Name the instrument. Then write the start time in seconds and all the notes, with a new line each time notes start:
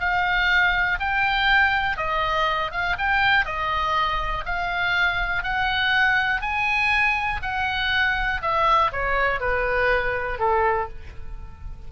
oboe
0.00 F5
1.00 G5
1.97 D#5
2.72 F5
2.98 G5
3.46 D#5
4.46 F5
5.44 F#5
6.42 G#5
7.42 F#5
8.42 E5
8.92 C#5
9.41 B4
10.40 A4